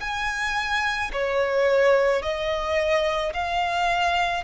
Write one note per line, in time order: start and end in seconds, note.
0.00 1.11 G#5
1.13 2.22 C#5
2.22 3.33 D#5
3.33 4.44 F5